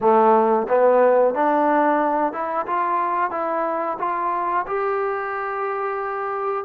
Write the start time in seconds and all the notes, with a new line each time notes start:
0.00 A3
0.68 B3
1.34 D4
2.32 E4
2.66 F4
3.30 E4
3.98 F4
4.66 G4